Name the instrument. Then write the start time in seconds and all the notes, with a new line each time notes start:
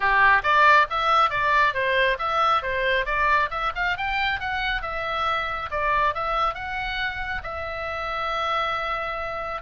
oboe
0.00 G4
0.43 D5
0.90 E5
1.30 D5
1.73 C5
2.18 E5
2.62 C5
3.05 D5
3.50 E5
3.75 F5
3.97 G5
4.40 F#5
4.82 E5
5.70 D5
6.14 E5
6.54 F#5
7.43 E5